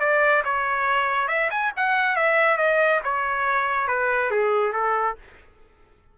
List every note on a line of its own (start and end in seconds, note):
0.00 0.43 D5
0.45 1.28 C#5
1.28 1.50 E5
1.51 1.72 G#5
1.77 2.16 F#5
2.16 2.58 E5
2.58 3.01 D#5
3.04 3.88 C#5
3.88 4.31 B4
4.31 4.73 G#4
4.73 5.16 A4